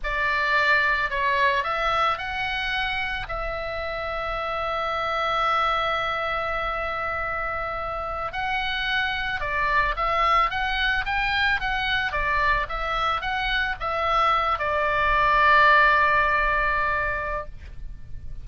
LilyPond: \new Staff \with { instrumentName = "oboe" } { \time 4/4 \tempo 4 = 110 d''2 cis''4 e''4 | fis''2 e''2~ | e''1~ | e''2.~ e''16 fis''8.~ |
fis''4~ fis''16 d''4 e''4 fis''8.~ | fis''16 g''4 fis''4 d''4 e''8.~ | e''16 fis''4 e''4. d''4~ d''16~ | d''1 | }